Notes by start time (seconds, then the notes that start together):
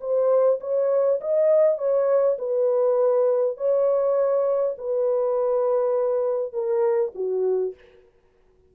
0.00 C5
0.60 C#5
1.21 D#5
1.78 C#5
2.38 B4
3.57 C#5
4.78 B4
6.52 A#4
7.15 F#4